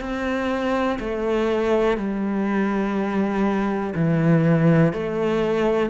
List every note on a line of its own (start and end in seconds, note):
0.00 0.98 C4
1.00 1.97 A3
1.97 3.94 G3
3.95 4.93 E3
4.93 5.90 A3